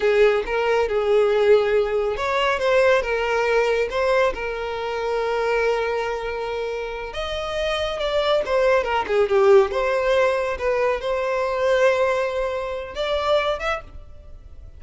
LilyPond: \new Staff \with { instrumentName = "violin" } { \time 4/4 \tempo 4 = 139 gis'4 ais'4 gis'2~ | gis'4 cis''4 c''4 ais'4~ | ais'4 c''4 ais'2~ | ais'1~ |
ais'8 dis''2 d''4 c''8~ | c''8 ais'8 gis'8 g'4 c''4.~ | c''8 b'4 c''2~ c''8~ | c''2 d''4. e''8 | }